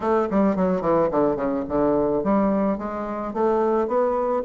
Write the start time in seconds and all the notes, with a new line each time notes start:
0.00 A3
0.30 G3
0.56 F#3
0.81 E3
1.11 D3
1.36 C#3
1.68 D3
2.23 G3
2.78 G#3
3.33 A3
3.87 B3